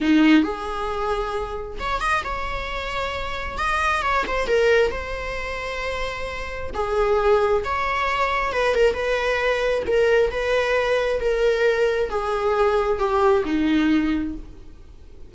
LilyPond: \new Staff \with { instrumentName = "viola" } { \time 4/4 \tempo 4 = 134 dis'4 gis'2. | cis''8 dis''8 cis''2. | dis''4 cis''8 c''8 ais'4 c''4~ | c''2. gis'4~ |
gis'4 cis''2 b'8 ais'8 | b'2 ais'4 b'4~ | b'4 ais'2 gis'4~ | gis'4 g'4 dis'2 | }